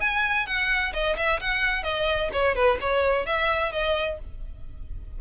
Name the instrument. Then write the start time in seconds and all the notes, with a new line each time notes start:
violin
0.00 G#5
0.46 F#5
0.93 D#5
1.16 E5
1.40 F#5
1.83 D#5
2.32 C#5
2.55 B4
2.80 C#5
3.26 E5
3.72 D#5